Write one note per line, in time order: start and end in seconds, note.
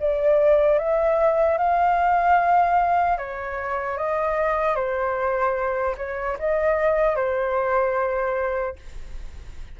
0.00 0.79 D5
0.79 1.58 E5
1.58 3.18 F5
3.18 3.97 C#5
3.97 4.76 D#5
4.76 5.96 C5
5.97 6.37 C#5
6.39 7.16 D#5
7.16 8.76 C5